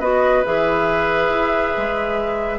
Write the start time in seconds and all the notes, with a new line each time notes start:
0.00 B3 F#4 B4 D#5
0.45 E3 G#4 E5
1.29 E4
1.77 G#3